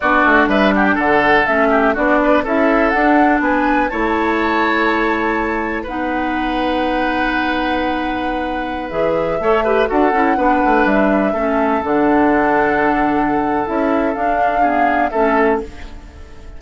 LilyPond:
<<
  \new Staff \with { instrumentName = "flute" } { \time 4/4 \tempo 4 = 123 d''4 e''8 fis''16 g''16 fis''4 e''4 | d''4 e''4 fis''4 gis''4 | a''1 | fis''1~ |
fis''2~ fis''16 e''4.~ e''16~ | e''16 fis''2 e''4.~ e''16~ | e''16 fis''2.~ fis''8. | e''4 f''2 e''4 | }
  \new Staff \with { instrumentName = "oboe" } { \time 4/4 fis'4 b'8 g'8 a'4. g'8 | fis'8 b'8 a'2 b'4 | cis''1 | b'1~ |
b'2.~ b'16 cis''8 b'16~ | b'16 a'4 b'2 a'8.~ | a'1~ | a'2 gis'4 a'4 | }
  \new Staff \with { instrumentName = "clarinet" } { \time 4/4 d'2. cis'4 | d'4 e'4 d'2 | e'1 | dis'1~ |
dis'2~ dis'16 gis'4 a'8 g'16~ | g'16 fis'8 e'8 d'2 cis'8.~ | cis'16 d'2.~ d'8. | e'4 d'4 b4 cis'4 | }
  \new Staff \with { instrumentName = "bassoon" } { \time 4/4 b8 a8 g4 d4 a4 | b4 cis'4 d'4 b4 | a1 | b1~ |
b2~ b16 e4 a8.~ | a16 d'8 cis'8 b8 a8 g4 a8.~ | a16 d2.~ d8. | cis'4 d'2 a4 | }
>>